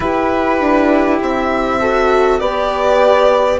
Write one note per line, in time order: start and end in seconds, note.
0.00 0.58 E4
0.00 1.79 E4
0.00 1.80 G4
0.00 1.19 B4
0.59 1.19 D4
1.21 2.40 C4
1.21 2.39 E5
1.80 2.40 F#4
1.80 2.40 A4
2.39 3.59 B3
2.39 3.59 G4
2.39 3.59 B4
2.39 3.59 D5